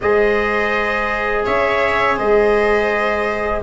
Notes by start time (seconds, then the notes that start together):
0.01 G#3 G#4 C5 D#5
1.45 C#4 C#5 E5
2.16 G#3 C5 D#5